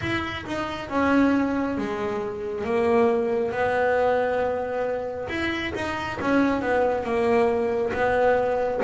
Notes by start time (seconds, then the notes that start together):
0.01 E4
0.46 D#4
0.89 C#4
1.77 G#3
2.64 A#3
3.51 B3
5.29 E4
5.74 D#4
6.20 C#4
6.61 B3
7.03 A#3
7.93 B3